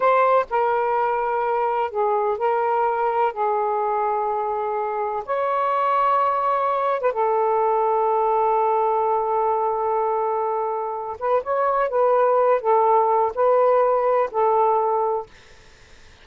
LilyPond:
\new Staff \with { instrumentName = "saxophone" } { \time 4/4 \tempo 4 = 126 c''4 ais'2. | gis'4 ais'2 gis'4~ | gis'2. cis''4~ | cis''2~ cis''8. b'16 a'4~ |
a'1~ | a'2.~ a'8 b'8 | cis''4 b'4. a'4. | b'2 a'2 | }